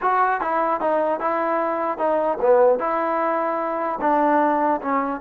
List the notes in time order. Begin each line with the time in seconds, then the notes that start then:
0.01 F#4
0.41 E4
0.80 D#4
1.20 E4
1.98 D#4
2.41 B3
2.79 E4
4.00 D4
4.81 C#4